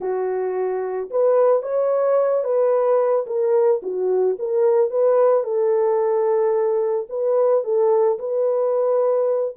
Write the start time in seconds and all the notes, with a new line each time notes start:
0.00 F#4
1.10 B4
1.62 C#5
2.43 B4
3.26 A#4
3.82 F#4
4.38 A#4
4.90 B4
5.43 A4
7.09 B4
7.63 A4
8.18 B4